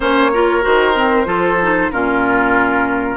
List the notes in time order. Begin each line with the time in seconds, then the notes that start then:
0.00 A#3 C#4 C5 C#5
0.33 F4 A#4
0.61 D#3 F#4 C5
0.94 C4
1.25 F3 F4 A4
1.61 D#4
1.90 A#2 C#4 F4 A#4